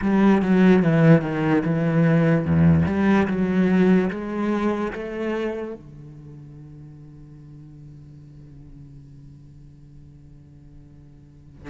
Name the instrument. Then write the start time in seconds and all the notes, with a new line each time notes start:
cello
0.01 G3
0.42 F#3
0.83 E3
1.21 D#3
1.64 E3
2.45 E2
2.86 G3
3.27 F#3
4.10 G#3
4.92 A3
5.74 D3